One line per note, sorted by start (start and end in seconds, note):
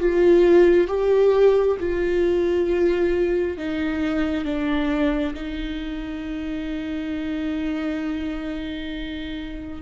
0.00 0.88 F4
0.88 1.77 G4
1.80 3.57 F4
3.57 4.45 D#4
4.45 5.34 D4
5.34 9.82 D#4